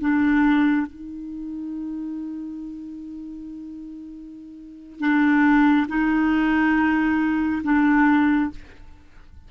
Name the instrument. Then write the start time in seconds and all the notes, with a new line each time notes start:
clarinet
0.00 D4
0.87 D#4
5.00 D4
5.88 D#4
7.63 D4